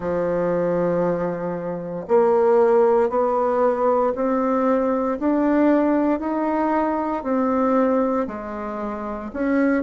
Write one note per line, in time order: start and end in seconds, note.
0.00 2.05 F3
2.08 3.09 A#3
3.09 4.13 B3
4.15 5.18 C4
5.20 6.19 D4
6.19 7.23 D#4
7.23 8.26 C4
8.27 9.31 G#3
9.33 9.83 C#4